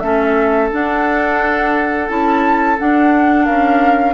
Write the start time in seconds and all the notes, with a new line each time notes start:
0.00 A3 C#4 A4 E5
0.72 D4 F#5
2.08 C#4 E4 A5
2.79 D4 F#5
3.46 C#4 A#4 F5